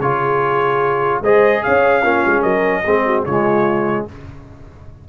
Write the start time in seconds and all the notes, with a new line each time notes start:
0.00 C#3 F4 G#4 C#5
1.21 G#3 G#4 C5 D#5
1.63 C#4 C#5 F5
2.02 A#3 C#4 F4
2.26 G#3
2.41 F#3 A#4 D#5
2.85 G#3 C4 G#4
3.06 F#4
3.25 C#3 G#3 F4 C#5